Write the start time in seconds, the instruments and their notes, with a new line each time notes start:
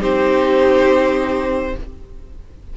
0.00 cello C4, viola D#4, violin G4 C5